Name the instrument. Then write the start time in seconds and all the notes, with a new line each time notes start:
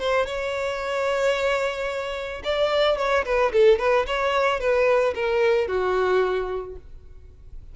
violin
0.00 C5
0.26 C#5
2.44 D5
2.98 C#5
3.25 B4
3.53 A4
3.79 B4
4.07 C#5
4.60 B4
5.15 A#4
5.68 F#4